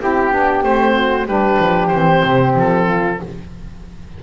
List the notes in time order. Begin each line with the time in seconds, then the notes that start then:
0.00 C4 E4 G4
0.31 B3 D4
0.63 A3 C4 C5
0.93 F#4
1.26 G3 D4 G4 B4
1.60 F3
1.87 E3 C4 C5
2.25 C3
2.56 F3 A4
2.85 F4